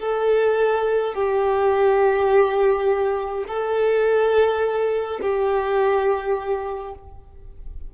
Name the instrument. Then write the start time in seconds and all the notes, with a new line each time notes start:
violin
0.00 A4
1.14 G4
3.48 A4
5.21 G4